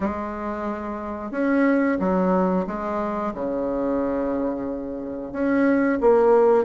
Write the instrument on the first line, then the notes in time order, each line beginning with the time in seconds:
bassoon
0.00 G#3
1.31 C#4
1.99 F#3
2.67 G#3
3.34 C#3
5.32 C#4
6.00 A#3